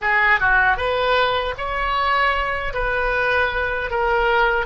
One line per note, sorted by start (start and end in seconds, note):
0.01 0.39 G#4
0.39 0.76 F#4
0.76 1.54 B4
1.57 2.73 C#5
2.73 3.90 B4
3.90 4.66 A#4